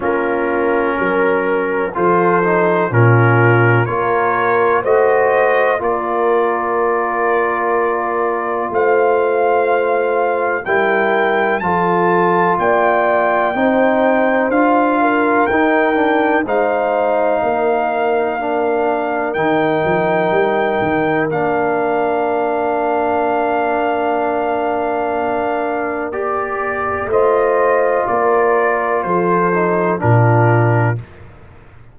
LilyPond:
<<
  \new Staff \with { instrumentName = "trumpet" } { \time 4/4 \tempo 4 = 62 ais'2 c''4 ais'4 | cis''4 dis''4 d''2~ | d''4 f''2 g''4 | a''4 g''2 f''4 |
g''4 f''2. | g''2 f''2~ | f''2. d''4 | dis''4 d''4 c''4 ais'4 | }
  \new Staff \with { instrumentName = "horn" } { \time 4/4 f'4 ais'4 a'4 f'4 | ais'4 c''4 ais'2~ | ais'4 c''2 ais'4 | a'4 d''4 c''4. ais'8~ |
ais'4 c''4 ais'2~ | ais'1~ | ais'1 | c''4 ais'4 a'4 f'4 | }
  \new Staff \with { instrumentName = "trombone" } { \time 4/4 cis'2 f'8 dis'8 cis'4 | f'4 fis'4 f'2~ | f'2. e'4 | f'2 dis'4 f'4 |
dis'8 d'8 dis'2 d'4 | dis'2 d'2~ | d'2. g'4 | f'2~ f'8 dis'8 d'4 | }
  \new Staff \with { instrumentName = "tuba" } { \time 4/4 ais4 fis4 f4 ais,4 | ais4 a4 ais2~ | ais4 a2 g4 | f4 ais4 c'4 d'4 |
dis'4 gis4 ais2 | dis8 f8 g8 dis8 ais2~ | ais1 | a4 ais4 f4 ais,4 | }
>>